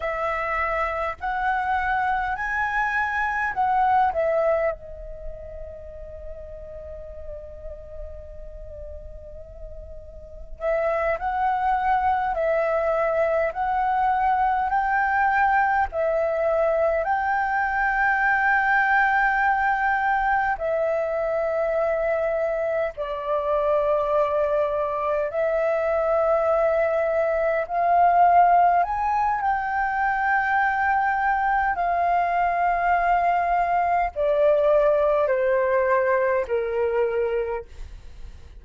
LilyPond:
\new Staff \with { instrumentName = "flute" } { \time 4/4 \tempo 4 = 51 e''4 fis''4 gis''4 fis''8 e''8 | dis''1~ | dis''4 e''8 fis''4 e''4 fis''8~ | fis''8 g''4 e''4 g''4.~ |
g''4. e''2 d''8~ | d''4. e''2 f''8~ | f''8 gis''8 g''2 f''4~ | f''4 d''4 c''4 ais'4 | }